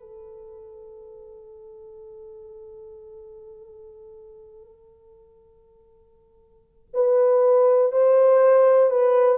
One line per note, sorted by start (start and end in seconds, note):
0.00 6.89 A4
6.93 7.92 B4
7.92 8.90 C5
8.90 9.38 B4